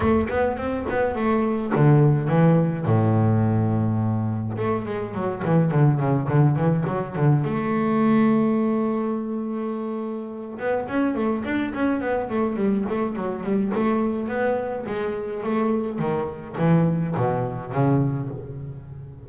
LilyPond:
\new Staff \with { instrumentName = "double bass" } { \time 4/4 \tempo 4 = 105 a8 b8 c'8 b8 a4 d4 | e4 a,2. | a8 gis8 fis8 e8 d8 cis8 d8 e8 | fis8 d8 a2.~ |
a2~ a8 b8 cis'8 a8 | d'8 cis'8 b8 a8 g8 a8 fis8 g8 | a4 b4 gis4 a4 | dis4 e4 b,4 cis4 | }